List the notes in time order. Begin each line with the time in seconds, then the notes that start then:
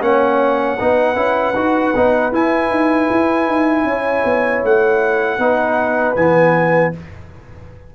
0.00 A#3 C#4 C#5 F#5
0.79 B3 D#4 B4
1.15 C#4 E4
1.54 D#4 F#4
1.95 B3 D#4
2.32 E4 G#5
2.69 D#4
3.10 E4
3.47 D#4
3.83 C#4 C#5
4.24 B3
4.63 A3 F#5
5.38 B3 D#4 B4
6.15 E3 B3 G#5